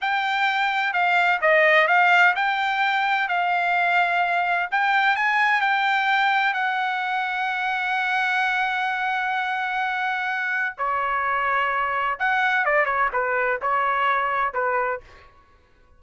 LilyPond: \new Staff \with { instrumentName = "trumpet" } { \time 4/4 \tempo 4 = 128 g''2 f''4 dis''4 | f''4 g''2 f''4~ | f''2 g''4 gis''4 | g''2 fis''2~ |
fis''1~ | fis''2. cis''4~ | cis''2 fis''4 d''8 cis''8 | b'4 cis''2 b'4 | }